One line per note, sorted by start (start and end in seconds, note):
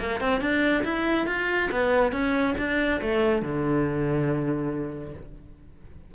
0.00 0.21 A#3
0.21 0.41 C4
0.41 0.84 D4
0.84 1.27 E4
1.27 1.70 F4
1.71 2.12 B3
2.12 2.55 C#4
2.58 3.01 D4
3.01 3.42 A3
3.42 5.14 D3